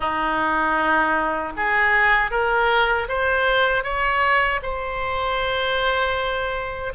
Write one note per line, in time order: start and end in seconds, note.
0.00 1.52 D#4
1.56 2.30 G#4
2.30 3.07 A#4
3.08 3.83 C5
3.83 4.60 C#5
4.62 6.93 C5